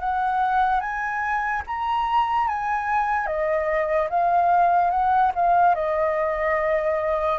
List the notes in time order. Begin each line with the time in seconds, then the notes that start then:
0.00 F#5
0.80 G#5
1.67 A#5
2.48 G#5
3.26 D#5
4.09 F5
4.90 F#5
5.35 F5
5.75 D#5